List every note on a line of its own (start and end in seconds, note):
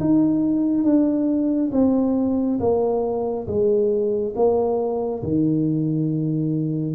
0.00 0.84 D#4
0.84 1.71 D4
1.72 2.59 C4
2.60 3.47 A#3
3.47 4.34 G#3
4.36 5.23 A#3
5.23 6.95 D#3